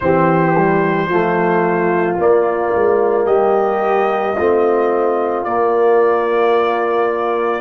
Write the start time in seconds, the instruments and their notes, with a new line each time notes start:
0.00 tuba E3, trombone C4, horn G4, trumpet C5
0.57 trombone G3
1.08 tuba F3, trombone A3, horn F4
2.18 tuba A#3, trombone A#3, trumpet D5
2.75 tuba G#3
3.26 tuba G3, horn G4, trumpet D#5
4.36 tuba A3, trombone C4, horn F4
5.44 tuba A#3, trombone A#3, trumpet D5